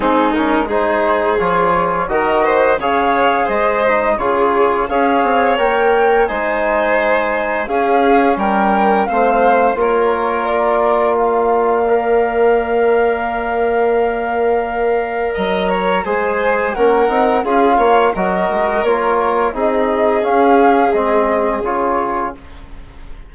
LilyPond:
<<
  \new Staff \with { instrumentName = "flute" } { \time 4/4 \tempo 4 = 86 gis'8 ais'8 c''4 cis''4 dis''4 | f''4 dis''4 cis''4 f''4 | g''4 gis''2 f''4 | g''4 f''4 cis''4 d''4 |
f''1~ | f''2 ais''4 gis''4 | fis''4 f''4 dis''4 cis''4 | dis''4 f''4 dis''4 cis''4 | }
  \new Staff \with { instrumentName = "violin" } { \time 4/4 dis'4 gis'2 ais'8 c''8 | cis''4 c''4 gis'4 cis''4~ | cis''4 c''2 gis'4 | ais'4 c''4 ais'2 |
d''1~ | d''2 dis''8 cis''8 c''4 | ais'4 gis'8 cis''8 ais'2 | gis'1 | }
  \new Staff \with { instrumentName = "trombone" } { \time 4/4 c'8 cis'8 dis'4 f'4 fis'4 | gis'4. dis'8 f'4 gis'4 | ais'4 dis'2 cis'4~ | cis'4 c'4 f'2~ |
f'4 ais'2.~ | ais'2. gis'4 | cis'8 dis'8 f'4 fis'4 f'4 | dis'4 cis'4 c'4 f'4 | }
  \new Staff \with { instrumentName = "bassoon" } { \time 4/4 gis2 f4 dis4 | cis4 gis4 cis4 cis'8 c'8 | ais4 gis2 cis'4 | g4 a4 ais2~ |
ais1~ | ais2 fis4 gis4 | ais8 c'8 cis'8 ais8 fis8 gis8 ais4 | c'4 cis'4 gis4 cis4 | }
>>